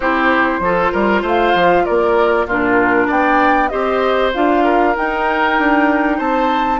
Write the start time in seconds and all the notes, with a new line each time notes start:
0.00 C4 E4 G4 C5
0.59 F3 F4 A4
0.92 G3 A#4
1.21 A3 C5
1.27 F5
1.54 F3
1.85 A#3 A#4 D5
2.46 A#2 D4 F4 A#4
3.07 B3 D5 G5
3.68 C4 G4 C5 D#5
4.33 D4 F4 F5
4.64 A#4
4.94 D#4 G5
5.59 D4
6.17 C4 C5 A5